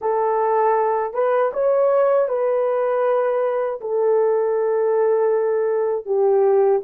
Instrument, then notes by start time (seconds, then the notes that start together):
horn
0.01 A4
1.13 B4
1.53 C#5
2.28 B4
3.80 A4
6.05 G4